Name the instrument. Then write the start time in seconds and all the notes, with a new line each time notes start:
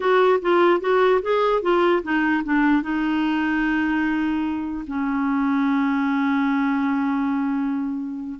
clarinet
0.00 F#4
0.41 F4
0.80 F#4
1.22 G#4
1.61 F4
2.03 D#4
2.44 D4
2.82 D#4
4.87 C#4